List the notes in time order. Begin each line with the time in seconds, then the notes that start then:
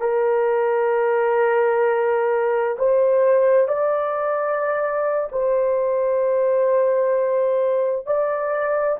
0.00 A#4
2.78 C5
3.68 D5
5.32 C5
8.06 D5